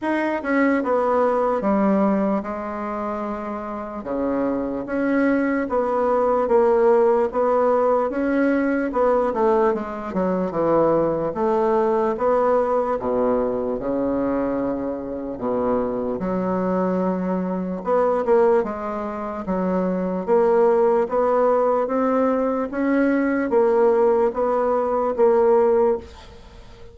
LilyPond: \new Staff \with { instrumentName = "bassoon" } { \time 4/4 \tempo 4 = 74 dis'8 cis'8 b4 g4 gis4~ | gis4 cis4 cis'4 b4 | ais4 b4 cis'4 b8 a8 | gis8 fis8 e4 a4 b4 |
b,4 cis2 b,4 | fis2 b8 ais8 gis4 | fis4 ais4 b4 c'4 | cis'4 ais4 b4 ais4 | }